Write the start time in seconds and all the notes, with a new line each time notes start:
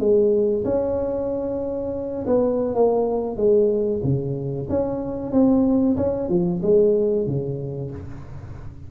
0.00 G#3
0.65 C#4
2.27 B3
2.75 A#3
3.37 G#3
4.04 C#3
4.70 C#4
5.32 C4
5.97 C#4
6.30 F3
6.62 G#3
7.27 C#3